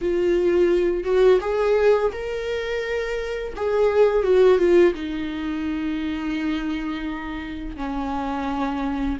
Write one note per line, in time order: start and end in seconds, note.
0.01 1.04 F4
1.04 1.39 F#4
1.41 2.11 G#4
2.12 3.53 A#4
3.56 4.23 G#4
4.23 4.58 F#4
4.58 4.93 F4
4.93 7.76 D#4
7.76 9.17 C#4